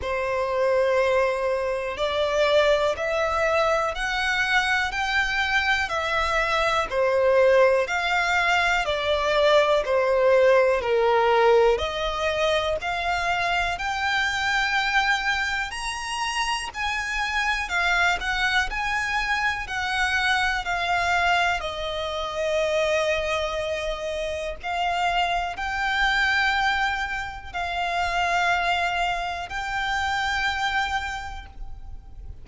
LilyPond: \new Staff \with { instrumentName = "violin" } { \time 4/4 \tempo 4 = 61 c''2 d''4 e''4 | fis''4 g''4 e''4 c''4 | f''4 d''4 c''4 ais'4 | dis''4 f''4 g''2 |
ais''4 gis''4 f''8 fis''8 gis''4 | fis''4 f''4 dis''2~ | dis''4 f''4 g''2 | f''2 g''2 | }